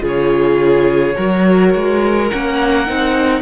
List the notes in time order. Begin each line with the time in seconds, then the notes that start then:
0.00 C#3 F4 G#4
0.08 C#5
1.15 F#3 F#4 A#4
1.75 G#3
2.29 A#3 C#4 F#5
2.87 C4 D#4